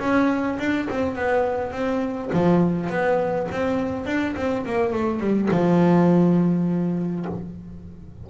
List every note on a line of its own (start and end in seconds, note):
0.00 0.58 C#4
0.59 0.88 D4
0.90 1.16 C4
1.16 1.72 B3
1.72 2.31 C4
2.34 2.90 F3
2.90 3.48 B3
3.52 4.06 C4
4.06 4.35 D4
4.37 4.66 C4
4.66 4.93 A#3
4.93 5.20 A3
5.20 5.49 G3
5.51 7.26 F3